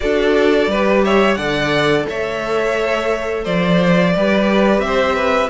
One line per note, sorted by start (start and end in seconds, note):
0.00 0.67 D4
0.00 0.69 F#4
0.00 0.70 A4
0.00 1.03 D5
0.67 1.36 G3
0.67 1.37 G4
0.67 1.04 B4
1.04 1.37 C#5
1.04 1.34 E5
1.34 2.05 D3
1.34 4.13 A4
1.34 2.06 D5
1.34 2.03 F#5
2.08 3.45 A3
2.08 3.44 C#5
2.08 3.45 E5
3.44 4.14 F3
3.44 4.13 C5
3.44 4.80 D5
4.16 4.78 G3
4.16 5.50 G4
4.16 4.84 B4
4.78 5.47 C4
4.78 5.49 E5
4.85 5.15 C5
5.15 5.49 B4